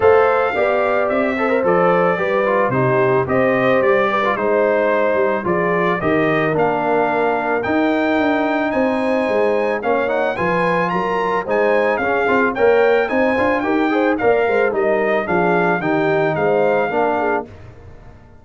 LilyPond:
<<
  \new Staff \with { instrumentName = "trumpet" } { \time 4/4 \tempo 4 = 110 f''2 e''4 d''4~ | d''4 c''4 dis''4 d''4 | c''2 d''4 dis''4 | f''2 g''2 |
gis''2 f''8 fis''8 gis''4 | ais''4 gis''4 f''4 g''4 | gis''4 g''4 f''4 dis''4 | f''4 g''4 f''2 | }
  \new Staff \with { instrumentName = "horn" } { \time 4/4 c''4 d''4. c''4. | b'4 g'4 c''4. b'8 | c''2 gis'4 ais'4~ | ais'1 |
c''2 cis''4 b'4 | ais'4 c''4 gis'4 cis''4 | c''4 ais'8 c''8 d''8 c''8 ais'4 | gis'4 g'4 c''4 ais'8 gis'8 | }
  \new Staff \with { instrumentName = "trombone" } { \time 4/4 a'4 g'4. a'16 ais'16 a'4 | g'8 f'8 dis'4 g'4.~ g'16 f'16 | dis'2 f'4 g'4 | d'2 dis'2~ |
dis'2 cis'8 dis'8 f'4~ | f'4 dis'4 cis'8 f'8 ais'4 | dis'8 f'8 g'8 gis'8 ais'4 dis'4 | d'4 dis'2 d'4 | }
  \new Staff \with { instrumentName = "tuba" } { \time 4/4 a4 b4 c'4 f4 | g4 c4 c'4 g4 | gis4. g8 f4 dis4 | ais2 dis'4 d'4 |
c'4 gis4 ais4 f4 | fis4 gis4 cis'8 c'8 ais4 | c'8 d'8 dis'4 ais8 gis8 g4 | f4 dis4 gis4 ais4 | }
>>